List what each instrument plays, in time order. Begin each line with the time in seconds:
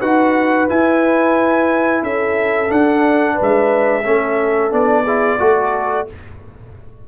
0.00 tuba D#4, trombone F#4, horn B4, trumpet F#5
0.68 trombone E4, tuba E4, trumpet G#5
2.03 tuba C#4, horn A4, trumpet E5
2.69 trombone D4, tuba D4, trumpet F#5
3.34 horn B4
3.41 tuba G#3, trumpet E5
4.04 tuba A3, trombone C#4, horn A4
4.71 tuba B3, trombone D4, trumpet D5
5.04 trombone E4, horn G#4
5.39 tuba A3, trombone F#4, horn A4